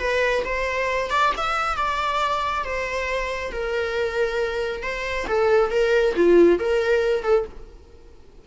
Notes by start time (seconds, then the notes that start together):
0.00 B4
0.45 C5
1.11 D5
1.38 E5
1.77 D5
2.65 C5
3.52 A#4
4.83 C5
5.28 A4
5.71 A#4
6.16 F4
6.60 A#4
7.24 A4